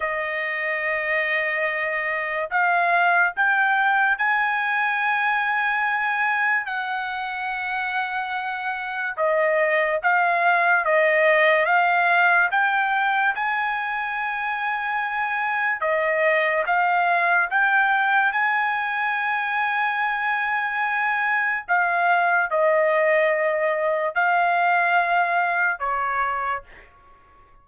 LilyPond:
\new Staff \with { instrumentName = "trumpet" } { \time 4/4 \tempo 4 = 72 dis''2. f''4 | g''4 gis''2. | fis''2. dis''4 | f''4 dis''4 f''4 g''4 |
gis''2. dis''4 | f''4 g''4 gis''2~ | gis''2 f''4 dis''4~ | dis''4 f''2 cis''4 | }